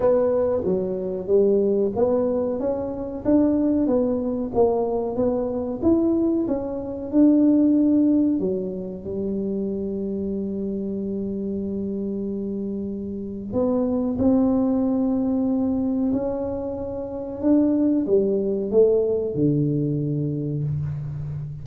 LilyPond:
\new Staff \with { instrumentName = "tuba" } { \time 4/4 \tempo 4 = 93 b4 fis4 g4 b4 | cis'4 d'4 b4 ais4 | b4 e'4 cis'4 d'4~ | d'4 fis4 g2~ |
g1~ | g4 b4 c'2~ | c'4 cis'2 d'4 | g4 a4 d2 | }